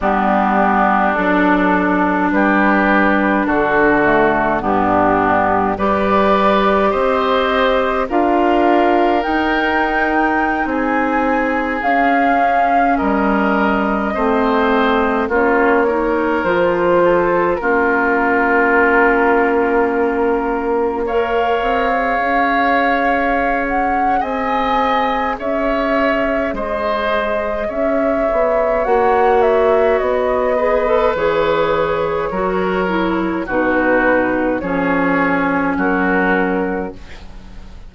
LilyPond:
<<
  \new Staff \with { instrumentName = "flute" } { \time 4/4 \tempo 4 = 52 g'4 a'4 b'4 a'4 | g'4 d''4 dis''4 f''4 | g''4~ g''16 gis''4 f''4 dis''8.~ | dis''4~ dis''16 cis''4 c''4 ais'8.~ |
ais'2~ ais'16 f''4.~ f''16~ | f''8 fis''8 gis''4 e''4 dis''4 | e''4 fis''8 e''8 dis''4 cis''4~ | cis''4 b'4 cis''4 ais'4 | }
  \new Staff \with { instrumentName = "oboe" } { \time 4/4 d'2 g'4 fis'4 | d'4 b'4 c''4 ais'4~ | ais'4~ ais'16 gis'2 ais'8.~ | ais'16 c''4 f'8 ais'4 a'8 f'8.~ |
f'2~ f'16 cis''4.~ cis''16~ | cis''4 dis''4 cis''4 c''4 | cis''2~ cis''8 b'4. | ais'4 fis'4 gis'4 fis'4 | }
  \new Staff \with { instrumentName = "clarinet" } { \time 4/4 b4 d'2~ d'8 a8 | b4 g'2 f'4 | dis'2~ dis'16 cis'4.~ cis'16~ | cis'16 c'4 cis'8 dis'8 f'4 cis'8.~ |
cis'2~ cis'16 ais'8. gis'4~ | gis'1~ | gis'4 fis'4. gis'16 a'16 gis'4 | fis'8 e'8 dis'4 cis'2 | }
  \new Staff \with { instrumentName = "bassoon" } { \time 4/4 g4 fis4 g4 d4 | g,4 g4 c'4 d'4 | dis'4~ dis'16 c'4 cis'4 g8.~ | g16 a4 ais4 f4 ais8.~ |
ais2~ ais8. c'8 cis'8.~ | cis'4 c'4 cis'4 gis4 | cis'8 b8 ais4 b4 e4 | fis4 b,4 f4 fis4 | }
>>